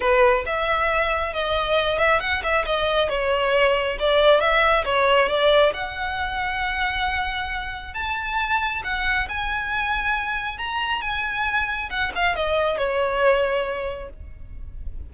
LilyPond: \new Staff \with { instrumentName = "violin" } { \time 4/4 \tempo 4 = 136 b'4 e''2 dis''4~ | dis''8 e''8 fis''8 e''8 dis''4 cis''4~ | cis''4 d''4 e''4 cis''4 | d''4 fis''2.~ |
fis''2 a''2 | fis''4 gis''2. | ais''4 gis''2 fis''8 f''8 | dis''4 cis''2. | }